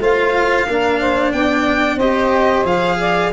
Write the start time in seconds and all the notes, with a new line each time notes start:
0.00 A3 F4 C5 F5
0.67 A#3 D4 A#4
1.00 C5
1.32 B3 D5 G5
1.97 C4 G4 C5 D#5
2.65 F3 G#4 F5
2.99 D5